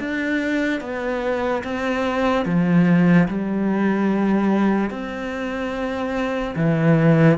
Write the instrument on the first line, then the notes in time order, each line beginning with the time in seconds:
cello
0.00 D4
0.81 B3
1.64 C4
2.46 F3
3.29 G3
4.91 C4
6.56 E3